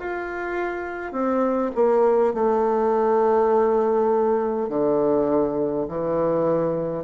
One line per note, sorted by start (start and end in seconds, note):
0.00 1.13 F4
1.13 1.72 C4
1.75 2.34 A#3
2.34 4.69 A3
4.70 5.87 D3
5.88 7.04 E3